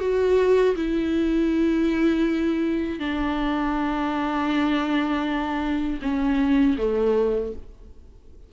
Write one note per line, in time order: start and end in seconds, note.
0.00 0.75 F#4
0.76 2.99 E4
2.99 5.99 D4
6.02 6.77 C#4
6.77 7.52 A3